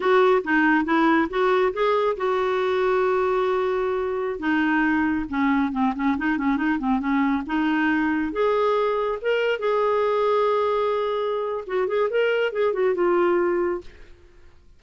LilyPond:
\new Staff \with { instrumentName = "clarinet" } { \time 4/4 \tempo 4 = 139 fis'4 dis'4 e'4 fis'4 | gis'4 fis'2.~ | fis'2~ fis'16 dis'4.~ dis'16~ | dis'16 cis'4 c'8 cis'8 dis'8 cis'8 dis'8 c'16~ |
c'16 cis'4 dis'2 gis'8.~ | gis'4~ gis'16 ais'4 gis'4.~ gis'16~ | gis'2. fis'8 gis'8 | ais'4 gis'8 fis'8 f'2 | }